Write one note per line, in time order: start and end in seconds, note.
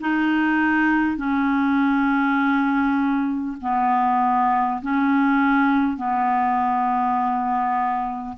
0.00 1.17 D#4
1.17 3.57 C#4
3.61 4.81 B3
4.82 5.97 C#4
5.97 8.37 B3